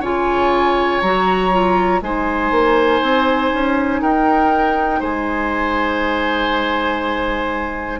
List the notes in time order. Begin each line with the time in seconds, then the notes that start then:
0.00 C#3 F4 C#5 G#5
1.01 F#3 F#4 A#5
1.51 F4
2.01 G#3 D#4 C5 G#5
2.51 A#3
3.01 C4
3.52 C#4
4.01 D#4 A#4 G5
5.00 G#3 C5 G#5